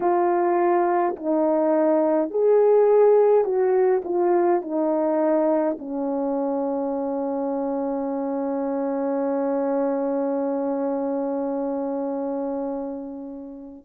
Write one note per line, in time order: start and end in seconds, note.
0.00 1.15 F4
1.15 2.30 D#4
2.30 3.44 G#4
3.44 4.02 F#4
4.04 4.62 F4
4.62 5.77 D#4
5.78 13.85 C#4